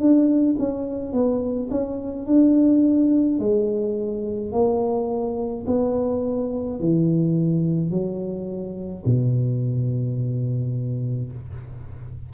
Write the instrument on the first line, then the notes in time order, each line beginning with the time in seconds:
tuba
0.00 D4
0.59 C#4
1.13 B3
1.71 C#4
2.27 D4
3.40 G#3
4.52 A#3
5.67 B3
6.80 E3
7.91 F#3
9.06 B2